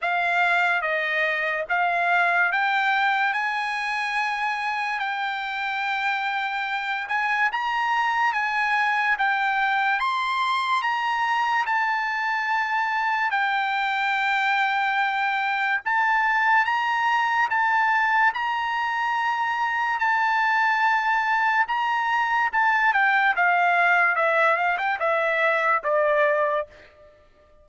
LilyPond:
\new Staff \with { instrumentName = "trumpet" } { \time 4/4 \tempo 4 = 72 f''4 dis''4 f''4 g''4 | gis''2 g''2~ | g''8 gis''8 ais''4 gis''4 g''4 | c'''4 ais''4 a''2 |
g''2. a''4 | ais''4 a''4 ais''2 | a''2 ais''4 a''8 g''8 | f''4 e''8 f''16 g''16 e''4 d''4 | }